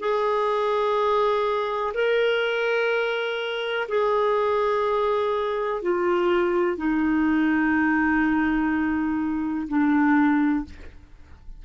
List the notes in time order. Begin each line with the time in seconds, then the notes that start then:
0.00 G#4
1.94 A#4
3.88 G#4
5.82 F4
6.77 D#4
9.68 D4